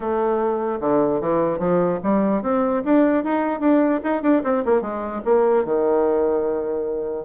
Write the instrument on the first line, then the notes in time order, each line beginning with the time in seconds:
bassoon
0.00 A3
0.80 D3
1.21 E3
1.58 F3
2.03 G3
2.42 C4
2.84 D4
3.23 D#4
3.60 D4
4.03 D#4
4.22 D4
4.43 C4
4.65 A#3
4.81 G#3
5.24 A#3
5.65 D#3